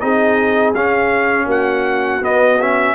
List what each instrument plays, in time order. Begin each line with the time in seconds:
0.00 tuba C4, trombone D#4, horn G#4, trumpet D#5
0.75 tuba C#4, trombone C#4, trumpet F5
1.47 tuba A#3, horn F#4, trumpet F#5
2.22 tuba B3, trombone B3, trumpet D#5
2.60 trombone C#4, trumpet E5